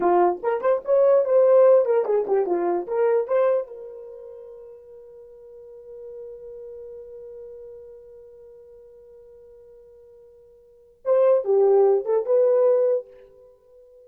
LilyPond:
\new Staff \with { instrumentName = "horn" } { \time 4/4 \tempo 4 = 147 f'4 ais'8 c''8 cis''4 c''4~ | c''8 ais'8 gis'8 g'8 f'4 ais'4 | c''4 ais'2.~ | ais'1~ |
ais'1~ | ais'1~ | ais'2. c''4 | g'4. a'8 b'2 | }